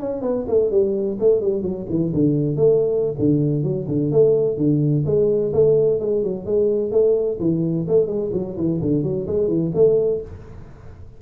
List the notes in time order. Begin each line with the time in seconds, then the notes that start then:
0.00 C#4
0.22 B3
0.48 A3
0.71 G3
1.20 A3
1.41 G3
1.63 F#3
1.89 E3
2.14 D3
2.57 A3
3.19 D3
3.63 F#3
3.88 D3
4.12 A3
4.57 D3
5.06 G#3
5.53 A3
6.00 G#3
6.24 F#3
6.46 G#3
6.92 A3
7.40 E3
7.88 A3
8.07 G#3
8.33 F#3
8.57 E3
8.82 D3
9.03 F#3
9.27 G#3
9.48 E3
9.75 A3